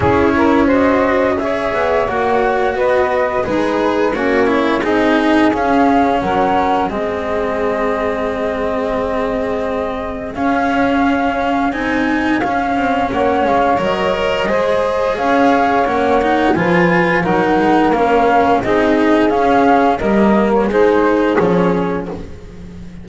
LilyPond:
<<
  \new Staff \with { instrumentName = "flute" } { \time 4/4 \tempo 4 = 87 cis''4 dis''4 e''4 fis''4 | dis''4 b'4 cis''4 dis''4 | f''4 fis''4 dis''2~ | dis''2. f''4~ |
f''4 gis''4 f''4 fis''8 f''8 | dis''2 f''4 fis''4 | gis''4 fis''4 f''4 dis''4 | f''4 dis''8. cis''16 c''4 cis''4 | }
  \new Staff \with { instrumentName = "saxophone" } { \time 4/4 gis'8 ais'8 c''4 cis''2 | b'4 dis'4 cis'4 gis'4~ | gis'4 ais'4 gis'2~ | gis'1~ |
gis'2. cis''4~ | cis''4 c''4 cis''2 | b'4 ais'2 gis'4~ | gis'4 ais'4 gis'2 | }
  \new Staff \with { instrumentName = "cello" } { \time 4/4 e'4 fis'4 gis'4 fis'4~ | fis'4 gis'4 fis'8 e'8 dis'4 | cis'2 c'2~ | c'2. cis'4~ |
cis'4 dis'4 cis'2 | ais'4 gis'2 cis'8 dis'8 | f'4 dis'4 cis'4 dis'4 | cis'4 ais4 dis'4 cis'4 | }
  \new Staff \with { instrumentName = "double bass" } { \time 4/4 cis'2~ cis'8 b8 ais4 | b4 gis4 ais4 c'4 | cis'4 fis4 gis2~ | gis2. cis'4~ |
cis'4 c'4 cis'8 c'8 ais8 gis8 | fis4 gis4 cis'4 ais4 | f4 fis8 gis8 ais4 c'4 | cis'4 g4 gis4 f4 | }
>>